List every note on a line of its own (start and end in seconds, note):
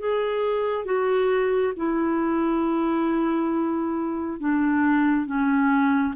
0.00 0.86 G#4
0.86 1.74 F#4
1.76 4.40 E4
4.40 5.27 D4
5.27 6.15 C#4